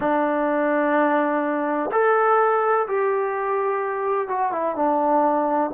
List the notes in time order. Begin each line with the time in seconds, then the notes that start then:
0.00 D4
1.91 A4
2.87 G4
4.28 F#4
4.52 E4
4.75 D4